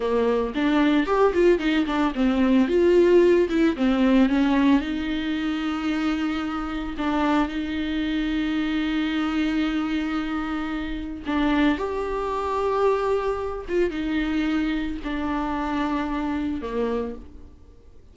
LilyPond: \new Staff \with { instrumentName = "viola" } { \time 4/4 \tempo 4 = 112 ais4 d'4 g'8 f'8 dis'8 d'8 | c'4 f'4. e'8 c'4 | cis'4 dis'2.~ | dis'4 d'4 dis'2~ |
dis'1~ | dis'4 d'4 g'2~ | g'4. f'8 dis'2 | d'2. ais4 | }